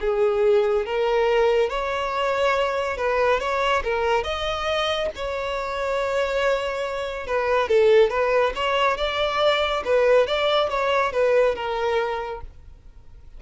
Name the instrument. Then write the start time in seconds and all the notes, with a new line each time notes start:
violin
0.00 G#4
0.85 A#4
1.69 C#5
2.97 B4
3.39 C#5
3.83 A#4
4.23 D#5
5.15 C#5
7.27 B4
7.68 A4
8.10 B4
8.55 C#5
8.97 D5
9.84 B4
10.27 D5
10.69 C#5
11.12 B4
11.55 A#4